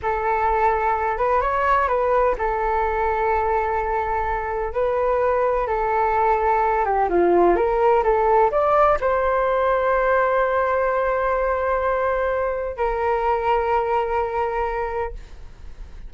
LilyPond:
\new Staff \with { instrumentName = "flute" } { \time 4/4 \tempo 4 = 127 a'2~ a'8 b'8 cis''4 | b'4 a'2.~ | a'2 b'2 | a'2~ a'8 g'8 f'4 |
ais'4 a'4 d''4 c''4~ | c''1~ | c''2. ais'4~ | ais'1 | }